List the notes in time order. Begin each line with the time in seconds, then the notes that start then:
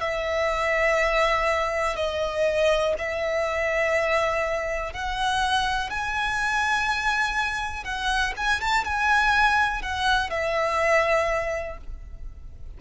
0.00 E5
1.96 D#5
2.98 E5
4.93 F#5
5.90 G#5
7.84 F#5
8.37 G#5
8.61 A5
8.84 G#5
9.82 F#5
10.30 E5